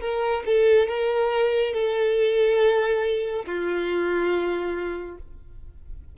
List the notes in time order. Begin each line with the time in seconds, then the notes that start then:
0.00 A#4
0.46 A4
0.88 A#4
1.73 A4
3.46 F4